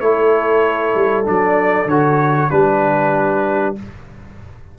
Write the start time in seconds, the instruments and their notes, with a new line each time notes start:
0.00 tuba A3, trombone E4, horn A4, trumpet C#5
0.95 tuba G3
1.25 tuba F#3, trombone D4, trumpet D5
1.86 tuba D3, trombone F#4, trumpet C#5
2.50 tuba G3, trombone D4, horn G4, trumpet B4